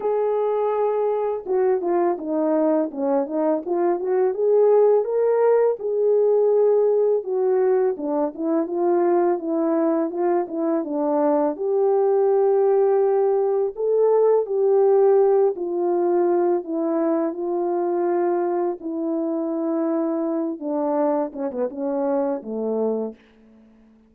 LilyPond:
\new Staff \with { instrumentName = "horn" } { \time 4/4 \tempo 4 = 83 gis'2 fis'8 f'8 dis'4 | cis'8 dis'8 f'8 fis'8 gis'4 ais'4 | gis'2 fis'4 d'8 e'8 | f'4 e'4 f'8 e'8 d'4 |
g'2. a'4 | g'4. f'4. e'4 | f'2 e'2~ | e'8 d'4 cis'16 b16 cis'4 a4 | }